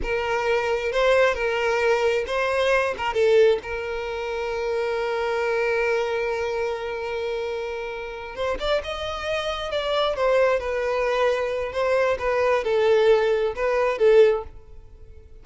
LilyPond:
\new Staff \with { instrumentName = "violin" } { \time 4/4 \tempo 4 = 133 ais'2 c''4 ais'4~ | ais'4 c''4. ais'8 a'4 | ais'1~ | ais'1~ |
ais'2~ ais'8 c''8 d''8 dis''8~ | dis''4. d''4 c''4 b'8~ | b'2 c''4 b'4 | a'2 b'4 a'4 | }